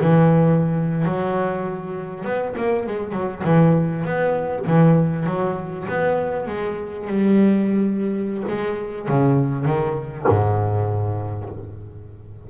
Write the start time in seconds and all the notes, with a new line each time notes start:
0.00 E3
1.04 F#3
2.24 B3
2.57 A#3
2.86 G#3
3.12 F#3
3.44 E3
4.05 B3
4.66 E3
5.26 F#3
5.88 B3
6.47 G#3
7.07 G3
8.48 G#3
9.08 C#3
9.65 D#3
10.28 G#2